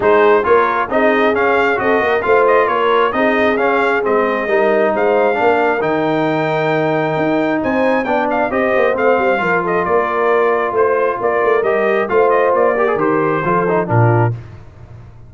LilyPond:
<<
  \new Staff \with { instrumentName = "trumpet" } { \time 4/4 \tempo 4 = 134 c''4 cis''4 dis''4 f''4 | dis''4 f''8 dis''8 cis''4 dis''4 | f''4 dis''2 f''4~ | f''4 g''2.~ |
g''4 gis''4 g''8 f''8 dis''4 | f''4. dis''8 d''2 | c''4 d''4 dis''4 f''8 dis''8 | d''4 c''2 ais'4 | }
  \new Staff \with { instrumentName = "horn" } { \time 4/4 gis'4 ais'4 gis'2 | a'8 ais'8 c''4 ais'4 gis'4~ | gis'2 ais'4 c''4 | ais'1~ |
ais'4 c''4 d''4 c''4~ | c''4 ais'8 a'8 ais'2 | c''4 ais'2 c''4~ | c''8 ais'4. a'4 f'4 | }
  \new Staff \with { instrumentName = "trombone" } { \time 4/4 dis'4 f'4 dis'4 cis'4 | fis'4 f'2 dis'4 | cis'4 c'4 dis'2 | d'4 dis'2.~ |
dis'2 d'4 g'4 | c'4 f'2.~ | f'2 g'4 f'4~ | f'8 g'16 gis'16 g'4 f'8 dis'8 d'4 | }
  \new Staff \with { instrumentName = "tuba" } { \time 4/4 gis4 ais4 c'4 cis'4 | c'8 ais8 a4 ais4 c'4 | cis'4 gis4 g4 gis4 | ais4 dis2. |
dis'4 c'4 b4 c'8 ais8 | a8 g8 f4 ais2 | a4 ais8 a8 g4 a4 | ais4 dis4 f4 ais,4 | }
>>